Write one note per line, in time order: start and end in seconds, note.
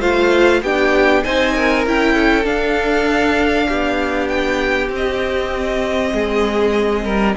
0.00 0.63 A3
0.00 0.63 F4
0.00 0.61 C5
0.00 0.63 F5
0.63 1.24 B3
0.63 1.26 D4
0.63 1.24 G4
0.63 1.24 G5
1.24 1.86 C4
1.24 1.86 D#4
1.24 1.55 C5
1.24 1.85 G#5
1.56 2.14 A#4
1.86 2.46 C#4
1.86 2.45 E4
1.86 2.46 G5
2.14 3.67 A4
2.45 4.90 D4
2.45 3.68 D4
2.45 4.28 F5
3.69 4.90 B3
3.69 6.14 G4
4.28 4.90 G5
4.90 6.12 C4
4.90 7.37 C4
4.97 7.37 D#5
6.14 7.04 G#3
6.14 7.05 G#4
7.04 7.35 G3
7.04 7.36 A#4